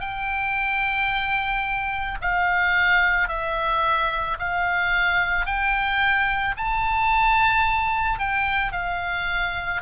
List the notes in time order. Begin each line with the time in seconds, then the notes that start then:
0.00 G5
2.21 F5
3.28 E5
4.39 F5
5.46 G5
6.57 A5
8.19 G5
8.72 F5